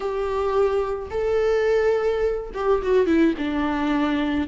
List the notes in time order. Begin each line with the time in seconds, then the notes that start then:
0.00 G4
1.10 A4
2.54 G4
2.82 F#4
3.06 E4
3.38 D4